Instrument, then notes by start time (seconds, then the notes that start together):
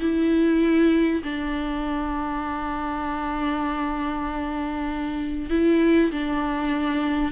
viola
0.00 E4
1.23 D4
5.50 E4
6.11 D4